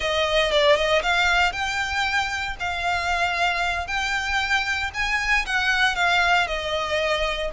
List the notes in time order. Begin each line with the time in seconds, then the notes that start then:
0.00 D#5
0.51 D5
0.76 D#5
1.02 F5
1.52 G5
2.59 F5
3.87 G5
4.93 G#5
5.46 F#5
5.95 F5
6.47 D#5